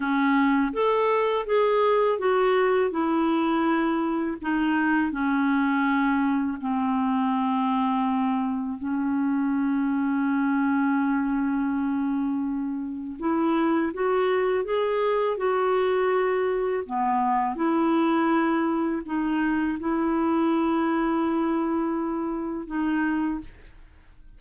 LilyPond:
\new Staff \with { instrumentName = "clarinet" } { \time 4/4 \tempo 4 = 82 cis'4 a'4 gis'4 fis'4 | e'2 dis'4 cis'4~ | cis'4 c'2. | cis'1~ |
cis'2 e'4 fis'4 | gis'4 fis'2 b4 | e'2 dis'4 e'4~ | e'2. dis'4 | }